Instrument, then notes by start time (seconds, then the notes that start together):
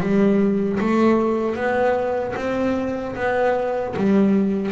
double bass
0.00 G3
0.80 A3
1.55 B3
2.36 C4
3.15 B3
3.96 G3